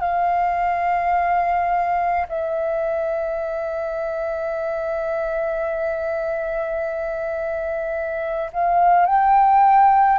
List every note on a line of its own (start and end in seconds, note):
0.00 2.26 F5
2.28 8.51 E5
8.53 9.06 F5
9.06 10.19 G5